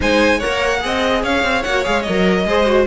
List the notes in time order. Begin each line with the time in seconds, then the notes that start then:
0.00 G#3 D#4 C5 G#5
0.37 A#4 C#5 F#5
0.45 A#3
0.80 C4 G#4 D#5
1.22 C#4 C#5 F5
1.43 C4
1.63 A#3 F#5
1.69 F#4
1.84 G#3 G#4 F5
2.02 D#5
2.08 F#3 A#4
2.44 G#3 G#4 C5
2.66 F#4